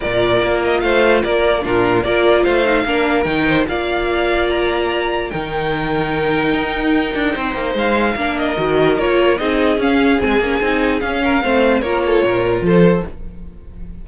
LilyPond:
<<
  \new Staff \with { instrumentName = "violin" } { \time 4/4 \tempo 4 = 147 d''4. dis''8 f''4 d''4 | ais'4 d''4 f''2 | g''4 f''2 ais''4~ | ais''4 g''2.~ |
g''2. f''4~ | f''8 dis''4. cis''4 dis''4 | f''4 gis''2 f''4~ | f''4 cis''2 c''4 | }
  \new Staff \with { instrumentName = "violin" } { \time 4/4 ais'2 c''4 ais'4 | f'4 ais'4 c''4 ais'4~ | ais'8 c''8 d''2.~ | d''4 ais'2.~ |
ais'2 c''2 | ais'2. gis'4~ | gis'2.~ gis'8 ais'8 | c''4 ais'8 a'8 ais'4 a'4 | }
  \new Staff \with { instrumentName = "viola" } { \time 4/4 f'1 | d'4 f'4. dis'8 d'4 | dis'4 f'2.~ | f'4 dis'2.~ |
dis'1 | d'4 fis'4 f'4 dis'4 | cis'4 c'8 cis'8 dis'4 cis'4 | c'4 f'2. | }
  \new Staff \with { instrumentName = "cello" } { \time 4/4 ais,4 ais4 a4 ais4 | ais,4 ais4 a4 ais4 | dis4 ais2.~ | ais4 dis2. |
dis'4. d'8 c'8 ais8 gis4 | ais4 dis4 ais4 c'4 | cis'4 gis8 ais8 c'4 cis'4 | a4 ais4 ais,4 f4 | }
>>